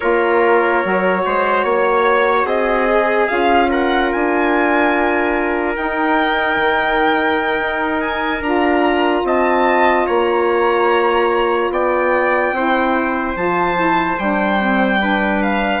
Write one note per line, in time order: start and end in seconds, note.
0.00 0.85 A#3
0.00 0.83 F4
0.00 1.23 A#4
0.00 2.45 C#5
0.83 1.26 F#3
0.83 2.89 F#4
1.25 1.64 G#3
1.25 1.64 C5
1.64 2.45 A#3
1.64 2.46 C#5
2.45 3.27 C4
2.45 3.69 G#4
2.45 3.28 D#5
2.89 3.27 G#4
3.27 4.13 C#4
3.27 5.74 F4
3.27 3.69 F5
3.70 9.24 A#4
3.70 4.12 F#5
4.12 5.76 D4
4.12 5.76 G#5
5.74 8.41 D#4
5.74 6.56 D#4
5.74 8.00 G5
6.56 7.59 D#3
7.59 8.40 D#4
8.00 8.41 G#5
8.40 9.22 D4
8.40 12.54 F4
8.40 9.25 A#5
9.23 10.05 C4
9.23 10.06 D#5
9.23 10.06 A5
10.06 11.70 A#3
10.06 11.70 C#5
10.06 11.71 A#5
11.70 12.52 B3
11.70 12.54 D5
11.70 13.36 G5
12.52 13.34 C4
12.52 13.35 E4
12.52 15.01 C5
13.35 14.17 F3
13.35 13.75 F4
13.35 14.19 A5
13.75 14.16 E4
14.18 15.80 G3
14.18 14.59 D4
14.18 15.42 G5
14.59 14.99 C4
14.99 15.80 D4
14.99 15.80 B4
15.42 15.80 F5